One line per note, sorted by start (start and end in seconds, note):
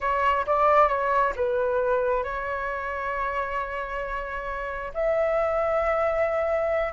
0.00 0.45 C#5
0.46 0.88 D5
0.88 1.33 C#5
1.36 2.23 B4
2.23 4.92 C#5
4.94 6.92 E5